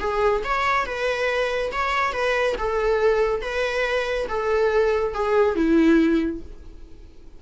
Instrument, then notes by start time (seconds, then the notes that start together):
viola
0.00 G#4
0.44 C#5
0.86 B4
1.72 C#5
2.13 B4
2.58 A4
3.42 B4
4.29 A4
5.14 G#4
5.56 E4